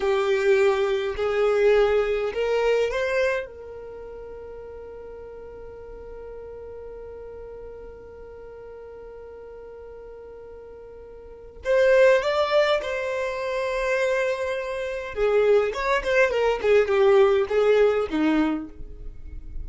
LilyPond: \new Staff \with { instrumentName = "violin" } { \time 4/4 \tempo 4 = 103 g'2 gis'2 | ais'4 c''4 ais'2~ | ais'1~ | ais'1~ |
ais'1 | c''4 d''4 c''2~ | c''2 gis'4 cis''8 c''8 | ais'8 gis'8 g'4 gis'4 dis'4 | }